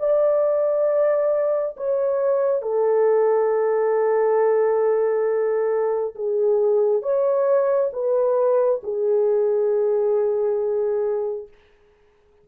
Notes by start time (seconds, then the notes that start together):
0.00 D5
1.77 C#5
2.62 A4
6.16 G#4
7.03 C#5
7.93 B4
8.84 G#4